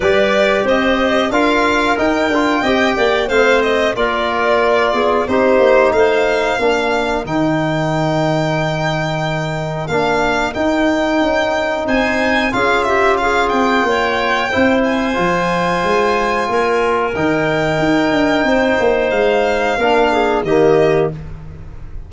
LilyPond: <<
  \new Staff \with { instrumentName = "violin" } { \time 4/4 \tempo 4 = 91 d''4 dis''4 f''4 g''4~ | g''4 f''8 dis''8 d''2 | c''4 f''2 g''4~ | g''2. f''4 |
g''2 gis''4 f''8 e''8 | f''8 g''2 gis''4.~ | gis''2 g''2~ | g''4 f''2 dis''4 | }
  \new Staff \with { instrumentName = "clarinet" } { \time 4/4 b'4 c''4 ais'2 | dis''8 d''8 c''4 ais'4. gis'8 | g'4 c''4 ais'2~ | ais'1~ |
ais'2 c''4 gis'8 g'8 | gis'4 cis''4 c''2~ | c''4 ais'2. | c''2 ais'8 gis'8 g'4 | }
  \new Staff \with { instrumentName = "trombone" } { \time 4/4 g'2 f'4 dis'8 f'8 | g'4 c'4 f'2 | dis'2 d'4 dis'4~ | dis'2. d'4 |
dis'2. f'4~ | f'2 e'4 f'4~ | f'2 dis'2~ | dis'2 d'4 ais4 | }
  \new Staff \with { instrumentName = "tuba" } { \time 4/4 g4 c'4 d'4 dis'8 d'8 | c'8 ais8 a4 ais4. b8 | c'8 ais8 a4 ais4 dis4~ | dis2. ais4 |
dis'4 cis'4 c'4 cis'4~ | cis'8 c'8 ais4 c'4 f4 | gis4 ais4 dis4 dis'8 d'8 | c'8 ais8 gis4 ais4 dis4 | }
>>